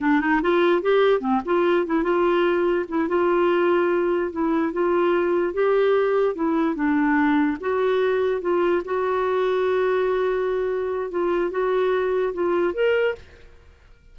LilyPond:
\new Staff \with { instrumentName = "clarinet" } { \time 4/4 \tempo 4 = 146 d'8 dis'8 f'4 g'4 c'8 f'8~ | f'8 e'8 f'2 e'8 f'8~ | f'2~ f'8 e'4 f'8~ | f'4. g'2 e'8~ |
e'8 d'2 fis'4.~ | fis'8 f'4 fis'2~ fis'8~ | fis'2. f'4 | fis'2 f'4 ais'4 | }